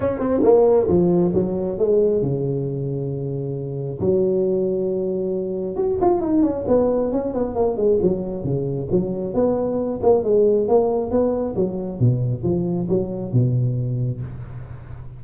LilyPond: \new Staff \with { instrumentName = "tuba" } { \time 4/4 \tempo 4 = 135 cis'8 c'8 ais4 f4 fis4 | gis4 cis2.~ | cis4 fis2.~ | fis4 fis'8 f'8 dis'8 cis'8 b4 |
cis'8 b8 ais8 gis8 fis4 cis4 | fis4 b4. ais8 gis4 | ais4 b4 fis4 b,4 | f4 fis4 b,2 | }